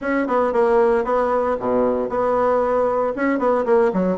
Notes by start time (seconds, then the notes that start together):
0.01 C#4
0.27 B3
0.52 A#3
1.04 B3
1.59 B2
2.09 B3
3.15 C#4
3.38 B3
3.65 A#3
3.93 F#3